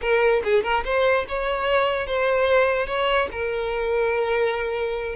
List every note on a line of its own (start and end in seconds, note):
0.01 0.42 A#4
0.43 0.63 G#4
0.63 0.83 A#4
0.84 1.26 C5
1.28 2.07 C#5
2.07 2.87 C5
2.87 3.28 C#5
3.31 5.15 A#4